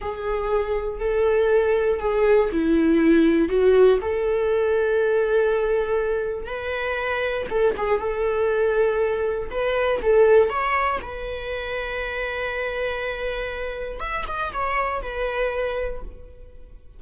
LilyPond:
\new Staff \with { instrumentName = "viola" } { \time 4/4 \tempo 4 = 120 gis'2 a'2 | gis'4 e'2 fis'4 | a'1~ | a'4 b'2 a'8 gis'8 |
a'2. b'4 | a'4 cis''4 b'2~ | b'1 | e''8 dis''8 cis''4 b'2 | }